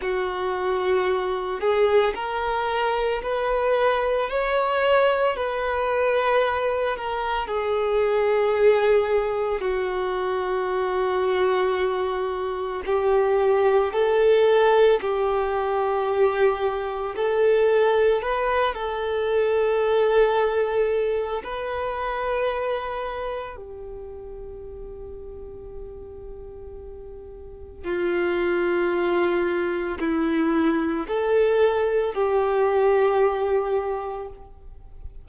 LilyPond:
\new Staff \with { instrumentName = "violin" } { \time 4/4 \tempo 4 = 56 fis'4. gis'8 ais'4 b'4 | cis''4 b'4. ais'8 gis'4~ | gis'4 fis'2. | g'4 a'4 g'2 |
a'4 b'8 a'2~ a'8 | b'2 g'2~ | g'2 f'2 | e'4 a'4 g'2 | }